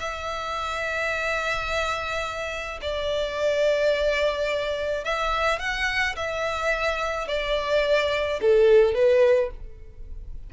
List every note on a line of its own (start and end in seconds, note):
0.00 2.80 E5
2.82 5.05 D5
5.05 5.59 E5
5.59 6.16 F#5
6.16 7.28 E5
7.28 8.40 D5
8.41 8.95 A4
8.95 9.51 B4